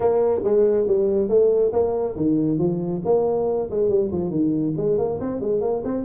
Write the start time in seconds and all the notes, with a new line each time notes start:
0.00 A#3
0.44 G#3
0.87 G3
1.28 A3
1.72 A#3
2.15 D#3
2.58 F3
3.05 A#3
3.70 G#3
3.89 G3
4.11 F3
4.30 D#3
4.76 G#3
4.98 A#3
5.20 C4
5.40 G#3
5.60 A#3
5.84 C4